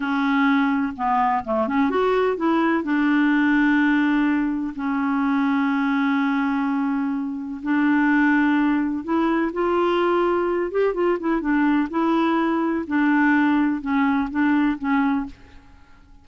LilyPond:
\new Staff \with { instrumentName = "clarinet" } { \time 4/4 \tempo 4 = 126 cis'2 b4 a8 cis'8 | fis'4 e'4 d'2~ | d'2 cis'2~ | cis'1 |
d'2. e'4 | f'2~ f'8 g'8 f'8 e'8 | d'4 e'2 d'4~ | d'4 cis'4 d'4 cis'4 | }